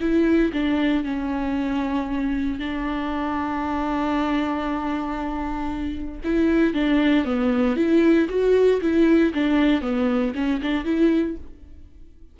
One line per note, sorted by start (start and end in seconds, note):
0.00 0.52 E4
0.53 1.04 D4
1.04 2.59 C#4
2.59 6.21 D4
6.24 6.74 E4
6.74 7.25 D4
7.25 7.76 B3
7.76 8.28 E4
8.29 8.80 F#4
8.81 9.33 E4
9.33 9.81 D4
9.81 10.33 B3
10.35 10.61 C#4
10.62 10.85 D4
10.85 11.36 E4